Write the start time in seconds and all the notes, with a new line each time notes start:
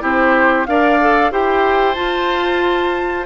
0.00 C4 E4 G4 C5
0.66 D4 A#4 D5 F5
1.00 A4
1.31 E4 G4 C5 G5
1.94 F4 A5